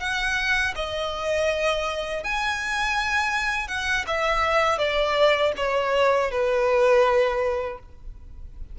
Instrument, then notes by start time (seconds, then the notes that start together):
violin
0.00 F#5
0.75 D#5
2.24 G#5
3.68 F#5
4.07 E5
4.78 D5
5.57 C#5
6.31 B4